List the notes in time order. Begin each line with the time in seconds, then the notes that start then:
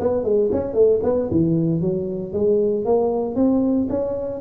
0.00 B3
0.24 G#3
0.52 C#4
0.74 A3
1.04 B3
1.32 E3
1.81 F#3
2.33 G#3
2.86 A#3
3.36 C4
3.90 C#4